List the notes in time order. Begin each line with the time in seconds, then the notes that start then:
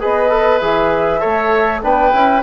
0.00 B3 G#4 B4 D#5
0.30 A4
0.58 E3 G#4 E5
1.20 A3 A4 C#5
1.81 B3 D4 B4 G5
2.12 C#4 E4